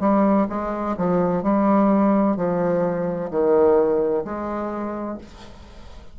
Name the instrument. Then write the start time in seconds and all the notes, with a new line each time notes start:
bassoon
0.00 G3
0.49 G#3
0.97 F3
1.43 G3
2.36 F3
3.30 D#3
4.24 G#3